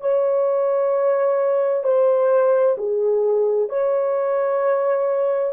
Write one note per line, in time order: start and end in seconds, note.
0.00 1.83 C#5
1.83 2.76 C5
2.77 3.69 G#4
3.69 5.53 C#5